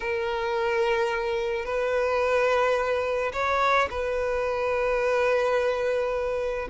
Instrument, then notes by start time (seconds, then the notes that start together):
violin
0.00 A#4
1.65 B4
3.32 C#5
3.90 B4